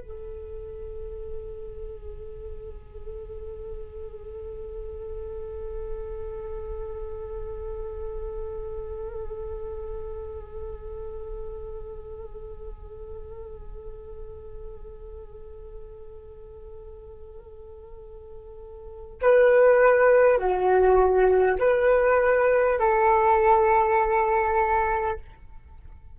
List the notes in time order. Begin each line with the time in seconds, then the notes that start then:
0.00 A4
19.22 B4
20.39 F#4
21.59 B4
22.79 A4